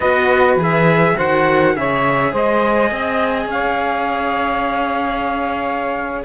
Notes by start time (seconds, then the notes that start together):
0.00 B3 F#4 B4 D#5
0.56 E3 G#4
0.62 E5
1.15 D#3 F#4 C5 F#5
1.73 C#3 G#4 C#5 E5
2.32 G#3 C5 D#5
2.91 C4 D#5
3.46 C#4 C#5 F5